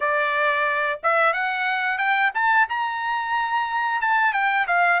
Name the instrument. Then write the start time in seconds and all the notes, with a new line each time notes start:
trumpet
0.00 D5
1.03 E5
1.33 F#5
1.98 G5
2.34 A5
2.68 A#5
4.01 A5
4.33 G5
4.67 F5